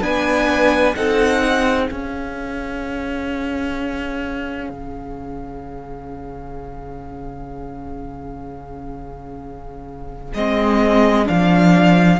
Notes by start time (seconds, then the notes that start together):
0.00 B3 D4 B4 G#5
0.95 C4 D#4 A4 F#5
1.43 G#4
1.88 C#4 F5
4.69 C#3
10.33 G#3 C4 D#5
11.24 F3 D4 F5